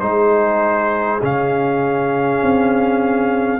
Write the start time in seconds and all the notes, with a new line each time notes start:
0.00 G#3 D#4 G#4 C5
1.22 C#3 C#4 F5
2.43 C4